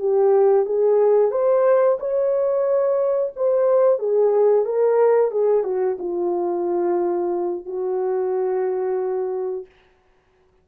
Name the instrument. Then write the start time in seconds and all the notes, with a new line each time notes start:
horn
0.00 G4
0.66 G#4
1.32 C5
2.00 C#5
3.36 C5
3.99 G#4
4.66 A#4
5.32 G#4
5.64 F#4
5.99 F4
7.66 F#4